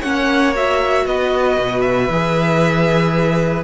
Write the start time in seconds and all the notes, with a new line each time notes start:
0.00 A#3 C#4 C#5 F#5
0.55 F#4 E5
1.06 B3 B4 D#5
1.59 B2
1.81 E5
2.08 E3 G#4